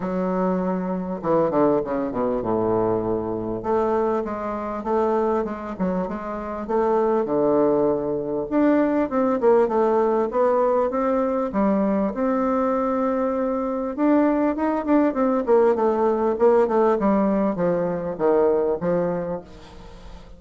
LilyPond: \new Staff \with { instrumentName = "bassoon" } { \time 4/4 \tempo 4 = 99 fis2 e8 d8 cis8 b,8 | a,2 a4 gis4 | a4 gis8 fis8 gis4 a4 | d2 d'4 c'8 ais8 |
a4 b4 c'4 g4 | c'2. d'4 | dis'8 d'8 c'8 ais8 a4 ais8 a8 | g4 f4 dis4 f4 | }